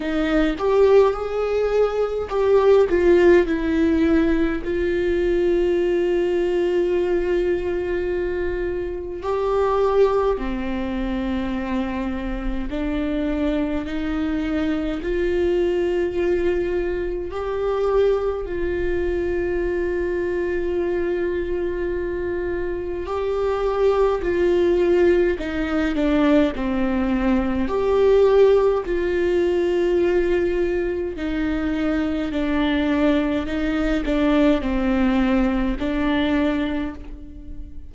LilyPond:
\new Staff \with { instrumentName = "viola" } { \time 4/4 \tempo 4 = 52 dis'8 g'8 gis'4 g'8 f'8 e'4 | f'1 | g'4 c'2 d'4 | dis'4 f'2 g'4 |
f'1 | g'4 f'4 dis'8 d'8 c'4 | g'4 f'2 dis'4 | d'4 dis'8 d'8 c'4 d'4 | }